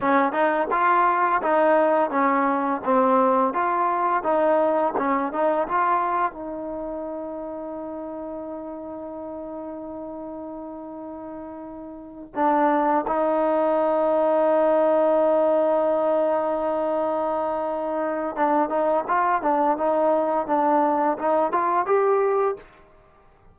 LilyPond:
\new Staff \with { instrumentName = "trombone" } { \time 4/4 \tempo 4 = 85 cis'8 dis'8 f'4 dis'4 cis'4 | c'4 f'4 dis'4 cis'8 dis'8 | f'4 dis'2.~ | dis'1~ |
dis'4. d'4 dis'4.~ | dis'1~ | dis'2 d'8 dis'8 f'8 d'8 | dis'4 d'4 dis'8 f'8 g'4 | }